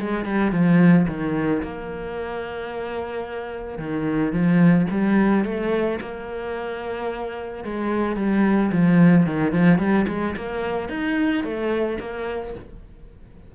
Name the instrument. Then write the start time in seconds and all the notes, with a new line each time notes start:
cello
0.00 G#3
0.25 G3
0.52 F3
1.08 D#3
1.63 A#3
3.79 D#3
4.33 F3
4.91 G3
5.45 A3
6.01 A#3
7.64 G#3
8.17 G3
8.72 F3
9.26 D#3
9.52 F3
9.79 G3
10.08 G#3
10.36 A#3
10.89 D#4
11.44 A3
12.00 A#3